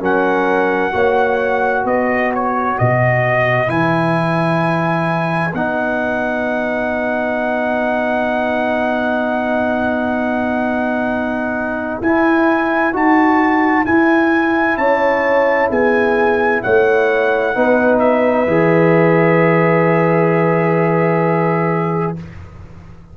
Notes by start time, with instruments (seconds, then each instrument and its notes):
0.00 tuba F#3, trombone C#4, horn A#4, trumpet F#5
0.92 tuba A#3, trombone F#4, horn C#5
1.85 tuba B3, horn B4, trumpet D#5
2.35 trumpet C#5
2.79 tuba B2, trumpet D#5
3.67 tuba E3, trombone E4, trumpet G#5
5.54 tuba B3, trombone D#4, trumpet F#5
12.02 tuba E4, trombone E4, trumpet G#5
12.93 tuba D#4, trombone F#4, trumpet A5
13.86 trombone E4, tuba E4, trumpet G#5
14.78 tuba C#4, horn C#5, trumpet A5
15.70 tuba B3, horn G#4, trumpet G#5
16.63 tuba A3, horn C#5, trumpet F#5
17.55 tuba B3, trombone D#4, horn B4
17.99 trumpet E5
18.47 tuba E3, trombone G#4